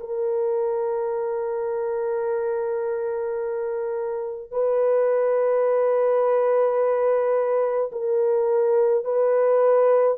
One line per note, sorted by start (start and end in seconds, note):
0.00 4.51 A#4
4.51 7.91 B4
7.92 9.05 A#4
9.05 10.18 B4